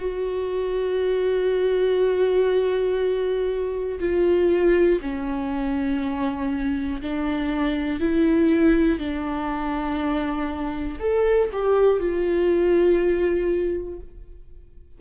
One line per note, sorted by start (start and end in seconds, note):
0.00 4.00 F#4
4.00 5.00 F4
5.02 7.02 C#4
7.02 8.00 D4
8.00 9.00 E4
9.00 11.00 D4
11.00 11.50 A4
11.53 12.00 G4
12.00 14.00 F4